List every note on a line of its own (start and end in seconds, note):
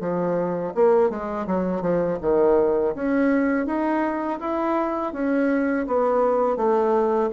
0.00 0.73 F3
0.75 1.09 A#3
1.09 1.46 G#3
1.47 1.81 F#3
1.81 2.18 F3
2.22 2.95 D#3
2.95 3.66 C#4
3.66 4.39 D#4
4.40 5.13 E4
5.13 5.86 C#4
5.87 6.57 B3
6.57 7.30 A3